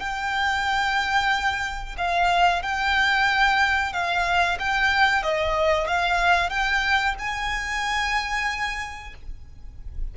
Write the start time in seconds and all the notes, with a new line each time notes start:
0.00 G5
1.98 F5
2.63 G5
3.93 F5
4.59 G5
5.23 D#5
5.88 F5
6.50 G5
7.19 G#5